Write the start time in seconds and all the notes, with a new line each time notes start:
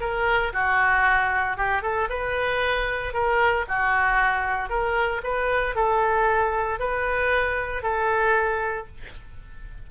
0.00 A#4
0.53 F#4
1.57 G4
1.82 A4
2.09 B4
3.13 A#4
3.68 F#4
4.69 A#4
5.23 B4
5.75 A4
6.79 B4
7.82 A4